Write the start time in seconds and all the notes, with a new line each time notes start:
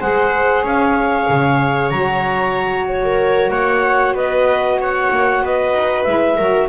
0.00 G#3 G#4 C5 F#5
0.63 C#4 C#5 F5
1.29 C#3
1.90 F#3 F#4 A#5
2.88 C#5
3.05 A#4
3.50 A#3 C#5 F#5
4.14 B3 B4 D#5
4.81 C#5 F#5
5.11 A#3
5.42 B3 B4 D#5
5.74 D#4
6.04 G#3 E4 E5
6.37 F#3 F#4 A#4